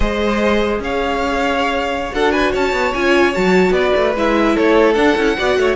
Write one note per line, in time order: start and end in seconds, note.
0.00 0.79 G#3
0.00 2.11 G#4
0.00 0.81 C5
0.00 0.81 D#5
0.79 2.11 C#4
0.79 2.14 C#5
0.79 2.13 F5
2.11 2.54 D4
2.11 2.92 F#4
2.11 2.32 A4
2.11 2.31 F#5
2.31 2.51 B4
2.31 2.51 G#5
2.51 2.72 C#4
2.51 3.73 C#5
2.51 2.93 A5
2.72 2.92 B3
2.93 3.35 C#4
2.93 3.33 F4
2.93 3.34 G#5
3.33 3.70 F#3
3.33 4.14 F#4
3.33 3.72 A5
3.70 3.91 B3
3.70 4.55 B4
3.70 4.13 D5
3.95 4.15 A3
4.15 4.56 G#3
4.15 4.95 E4
4.15 4.56 E5
4.55 4.96 A3
4.55 5.36 A4
4.55 4.93 C#5
4.93 5.16 D4
4.93 5.74 F#5
5.16 5.37 C#4
5.16 5.37 E4
5.37 5.57 B3
5.37 5.76 F#4
5.37 5.58 D5
5.57 5.76 A3
5.57 5.76 C#5